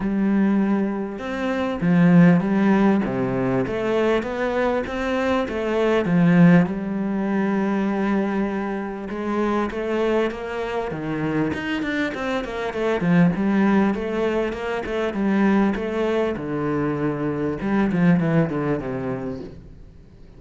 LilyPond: \new Staff \with { instrumentName = "cello" } { \time 4/4 \tempo 4 = 99 g2 c'4 f4 | g4 c4 a4 b4 | c'4 a4 f4 g4~ | g2. gis4 |
a4 ais4 dis4 dis'8 d'8 | c'8 ais8 a8 f8 g4 a4 | ais8 a8 g4 a4 d4~ | d4 g8 f8 e8 d8 c4 | }